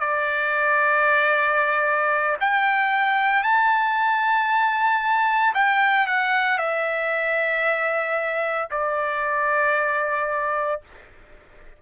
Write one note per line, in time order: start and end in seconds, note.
0.00 2.37 D5
2.41 3.43 G5
3.43 5.54 A5
5.55 6.07 G5
6.07 6.58 F#5
6.58 8.68 E5
8.71 10.81 D5